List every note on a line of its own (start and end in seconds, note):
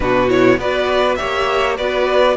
0.00 0.57 B2
0.00 0.28 D4
0.00 0.58 F#4
0.00 0.29 B4
0.28 0.58 E4
0.28 0.59 C#5
0.57 1.17 B3
0.57 1.18 F#4
0.57 1.18 B4
0.57 1.15 D5
1.15 1.77 G4
1.15 1.77 C#5
1.15 1.74 E5
1.21 1.78 A#3
1.77 2.37 B3
1.77 2.37 F#4
1.77 2.36 B4
1.77 2.37 D5